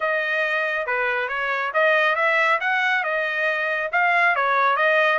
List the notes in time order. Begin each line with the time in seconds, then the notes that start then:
0.00 D#5
0.86 B4
1.28 C#5
1.73 D#5
2.15 E5
2.60 F#5
3.03 D#5
3.92 F5
4.35 C#5
4.76 D#5